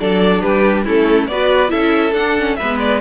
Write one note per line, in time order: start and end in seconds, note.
0.00 0.44 F#3
0.00 0.86 D4
0.00 0.42 A4
0.00 0.42 D5
0.42 0.87 G3
0.42 0.85 G4
0.42 0.85 B4
0.85 1.29 A3
0.85 1.29 C#4
0.85 1.28 E4
0.85 1.27 A4
1.27 1.72 B3
1.27 1.69 F#4
1.27 1.72 B4
1.27 1.71 D5
1.69 2.12 C#4
1.69 2.12 E4
1.69 2.58 A4
1.69 2.14 E5
2.12 2.56 D4
2.12 2.38 D4
2.12 2.56 F#5
2.38 2.60 C#4
2.56 3.01 G#3
2.56 3.01 B3
2.56 3.01 B4
2.56 2.78 E5
2.79 3.01 D5